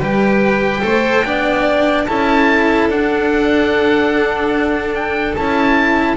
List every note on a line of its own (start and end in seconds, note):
0.00 0.82 G3
0.00 0.82 G4
0.00 0.82 B4
0.00 2.06 G5
0.82 1.24 A3
0.82 1.23 A4
0.82 1.26 C5
1.24 2.07 B3
1.24 2.07 D4
1.24 2.08 D5
2.06 2.88 C#4
2.06 2.90 E4
2.06 6.17 A4
2.06 2.89 A5
2.88 5.35 D4
2.88 5.37 D4
2.88 4.95 F#5
4.95 5.35 G5
5.35 6.17 C#4
5.35 6.17 E4
5.35 6.17 A5